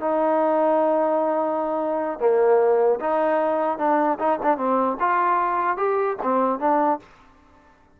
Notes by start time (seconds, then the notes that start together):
0.00 D#4
2.19 A#3
3.00 D#4
3.78 D4
4.19 D#4
4.42 D4
4.57 C4
5.00 F4
5.77 G4
6.22 C4
6.59 D4